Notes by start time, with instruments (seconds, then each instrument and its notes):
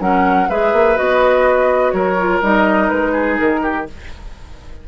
0.00 bassoon F#3, clarinet C#4, oboe A#4, flute F#5
0.49 bassoon G#3, clarinet G#4, oboe B4, flute E5
0.73 bassoon A#3
0.96 bassoon B3, clarinet F#4, flute D#5
1.92 bassoon F#3, oboe A#4, flute C#5
2.19 clarinet F4
2.42 bassoon G3, clarinet D#4, flute D#5
2.89 bassoon G#3, flute B4
3.12 oboe G#4
3.39 bassoon D#3, flute A#4
3.63 oboe G4